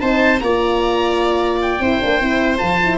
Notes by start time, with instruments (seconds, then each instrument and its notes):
0.00 tuba C4, horn D#4, viola C5, oboe A5
0.39 tuba A#3, horn F4, viola D5, oboe A#5
1.62 oboe G5
1.79 tuba C4, horn E4, viola C5
2.01 tuba A#3, horn D4
2.20 tuba C4, horn E4
2.58 tuba F3, horn F4, oboe A5
2.83 horn E4